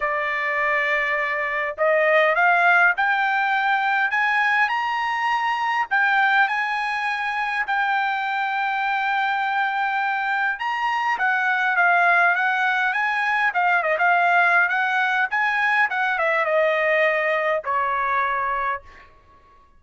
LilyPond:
\new Staff \with { instrumentName = "trumpet" } { \time 4/4 \tempo 4 = 102 d''2. dis''4 | f''4 g''2 gis''4 | ais''2 g''4 gis''4~ | gis''4 g''2.~ |
g''2 ais''4 fis''4 | f''4 fis''4 gis''4 f''8 dis''16 f''16~ | f''4 fis''4 gis''4 fis''8 e''8 | dis''2 cis''2 | }